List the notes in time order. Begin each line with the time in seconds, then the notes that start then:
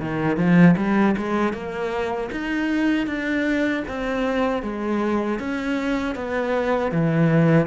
0.00 D#3
0.36 F3
0.77 G3
1.17 G#3
1.53 A#3
2.31 D#4
3.06 D4
3.88 C4
4.62 G#3
5.39 C#4
6.15 B3
6.92 E3